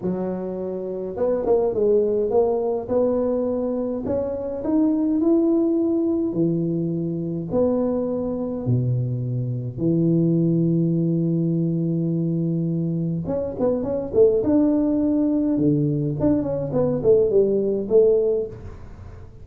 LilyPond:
\new Staff \with { instrumentName = "tuba" } { \time 4/4 \tempo 4 = 104 fis2 b8 ais8 gis4 | ais4 b2 cis'4 | dis'4 e'2 e4~ | e4 b2 b,4~ |
b,4 e2.~ | e2. cis'8 b8 | cis'8 a8 d'2 d4 | d'8 cis'8 b8 a8 g4 a4 | }